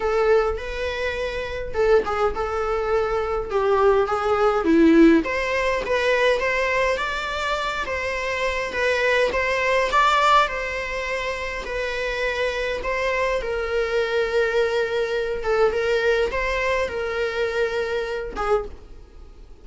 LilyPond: \new Staff \with { instrumentName = "viola" } { \time 4/4 \tempo 4 = 103 a'4 b'2 a'8 gis'8 | a'2 g'4 gis'4 | e'4 c''4 b'4 c''4 | d''4. c''4. b'4 |
c''4 d''4 c''2 | b'2 c''4 ais'4~ | ais'2~ ais'8 a'8 ais'4 | c''4 ais'2~ ais'8 gis'8 | }